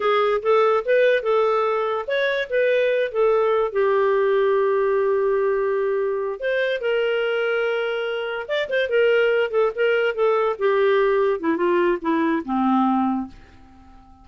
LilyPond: \new Staff \with { instrumentName = "clarinet" } { \time 4/4 \tempo 4 = 145 gis'4 a'4 b'4 a'4~ | a'4 cis''4 b'4. a'8~ | a'4 g'2.~ | g'2.~ g'8 c''8~ |
c''8 ais'2.~ ais'8~ | ais'8 d''8 c''8 ais'4. a'8 ais'8~ | ais'8 a'4 g'2 e'8 | f'4 e'4 c'2 | }